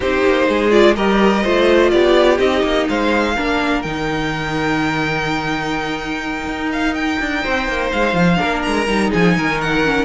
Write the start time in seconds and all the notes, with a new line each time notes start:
0.00 C4 D#4 G4 C5
0.25 A#3
0.48 G#3 G#4
0.70 F4 D5
0.96 G3 G4 A#4 D#5
1.43 A3 F4 C5
1.90 B3 G4 D5
2.38 C4 D#4 D#5
2.63 A#3
2.88 G#3 C5 F5
3.35 A#3 D4 A#4
3.82 D#3 D#4 G5
6.46 D#4
6.72 F5
6.94 G5
7.19 D4
7.42 C4 C5
7.68 A#3
7.92 G#3 F5
8.13 F3
8.36 A#3 D4 A#4
8.62 G#3 A#5
8.87 G3 D#4
9.10 F3 G#4 G#5
9.37 D#3 A#4
9.60 F#5
9.84 C#4